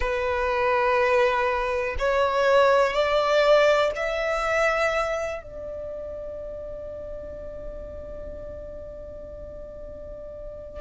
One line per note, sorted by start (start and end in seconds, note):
0.00 1.96 B4
1.99 2.92 C#5
2.92 3.91 D5
3.95 5.42 E5
5.42 10.80 D5